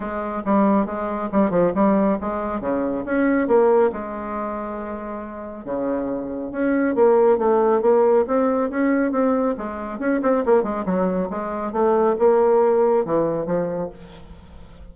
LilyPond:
\new Staff \with { instrumentName = "bassoon" } { \time 4/4 \tempo 4 = 138 gis4 g4 gis4 g8 f8 | g4 gis4 cis4 cis'4 | ais4 gis2.~ | gis4 cis2 cis'4 |
ais4 a4 ais4 c'4 | cis'4 c'4 gis4 cis'8 c'8 | ais8 gis8 fis4 gis4 a4 | ais2 e4 f4 | }